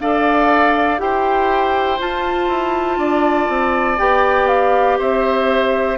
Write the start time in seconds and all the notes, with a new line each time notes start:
0.00 D4 A4 D5 F5
0.99 E4 G4 C5 G5
1.99 F4 A5
2.49 E4
2.98 D4 D5
3.49 C4
3.98 B3 G4 G5
4.48 F5
4.99 C4 C5 E5